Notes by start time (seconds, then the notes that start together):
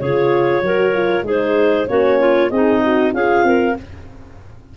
0.00 C#3 F4 G#4 C#5
0.62 F#3 F#4 A#4
0.93 F4
1.23 G#3 D#4 G#4 C5
1.87 A#3 C#4 F#4 C#5
2.19 F4
2.50 C4 D#4 G#4 D#5
2.84 F#4
3.13 C#4 F4 G#4 F5
3.44 C4 A#4